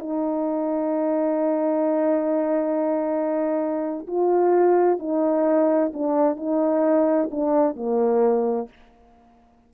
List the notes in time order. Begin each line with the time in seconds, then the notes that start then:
0.00 D#4
4.08 F4
5.00 D#4
5.94 D4
6.37 D#4
7.31 D4
7.76 A#3